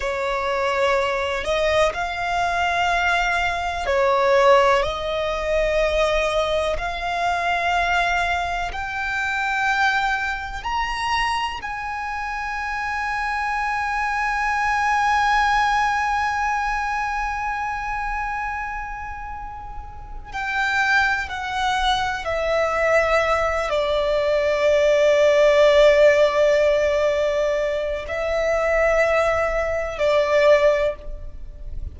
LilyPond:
\new Staff \with { instrumentName = "violin" } { \time 4/4 \tempo 4 = 62 cis''4. dis''8 f''2 | cis''4 dis''2 f''4~ | f''4 g''2 ais''4 | gis''1~ |
gis''1~ | gis''4 g''4 fis''4 e''4~ | e''8 d''2.~ d''8~ | d''4 e''2 d''4 | }